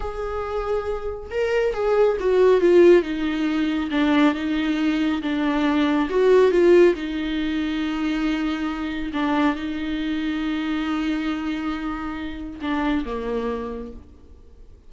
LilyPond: \new Staff \with { instrumentName = "viola" } { \time 4/4 \tempo 4 = 138 gis'2. ais'4 | gis'4 fis'4 f'4 dis'4~ | dis'4 d'4 dis'2 | d'2 fis'4 f'4 |
dis'1~ | dis'4 d'4 dis'2~ | dis'1~ | dis'4 d'4 ais2 | }